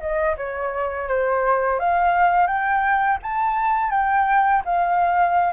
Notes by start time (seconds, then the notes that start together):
0.00 D#5
0.37 C#5
1.08 C5
1.79 F5
2.47 G5
3.23 A5
3.91 G5
4.65 F5